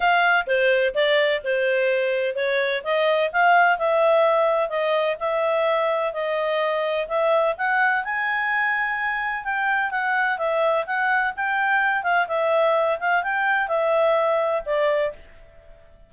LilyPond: \new Staff \with { instrumentName = "clarinet" } { \time 4/4 \tempo 4 = 127 f''4 c''4 d''4 c''4~ | c''4 cis''4 dis''4 f''4 | e''2 dis''4 e''4~ | e''4 dis''2 e''4 |
fis''4 gis''2. | g''4 fis''4 e''4 fis''4 | g''4. f''8 e''4. f''8 | g''4 e''2 d''4 | }